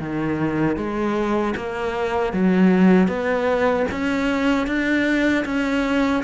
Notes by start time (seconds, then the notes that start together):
0.00 D#3
0.77 G#3
1.57 A#3
2.33 F#3
3.08 B3
3.92 C#4
4.67 D4
5.45 C#4